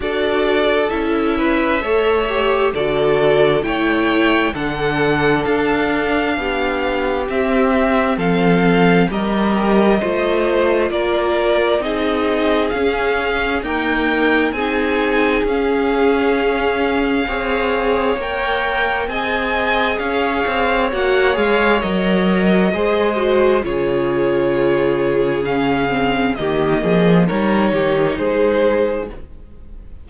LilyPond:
<<
  \new Staff \with { instrumentName = "violin" } { \time 4/4 \tempo 4 = 66 d''4 e''2 d''4 | g''4 fis''4 f''2 | e''4 f''4 dis''2 | d''4 dis''4 f''4 g''4 |
gis''4 f''2. | g''4 gis''4 f''4 fis''8 f''8 | dis''2 cis''2 | f''4 dis''4 cis''4 c''4 | }
  \new Staff \with { instrumentName = "violin" } { \time 4/4 a'4. b'8 cis''4 a'4 | cis''4 a'2 g'4~ | g'4 a'4 ais'4 c''4 | ais'4 gis'2 ais'4 |
gis'2. cis''4~ | cis''4 dis''4 cis''2~ | cis''4 c''4 gis'2~ | gis'4 g'8 gis'8 ais'8 g'8 gis'4 | }
  \new Staff \with { instrumentName = "viola" } { \time 4/4 fis'4 e'4 a'8 g'8 fis'4 | e'4 d'2. | c'2 g'4 f'4~ | f'4 dis'4 cis'4 ais4 |
dis'4 cis'2 gis'4 | ais'4 gis'2 fis'8 gis'8 | ais'4 gis'8 fis'8 f'2 | cis'8 c'8 ais4 dis'2 | }
  \new Staff \with { instrumentName = "cello" } { \time 4/4 d'4 cis'4 a4 d4 | a4 d4 d'4 b4 | c'4 f4 g4 a4 | ais4 c'4 cis'4 dis'4 |
c'4 cis'2 c'4 | ais4 c'4 cis'8 c'8 ais8 gis8 | fis4 gis4 cis2~ | cis4 dis8 f8 g8 dis8 gis4 | }
>>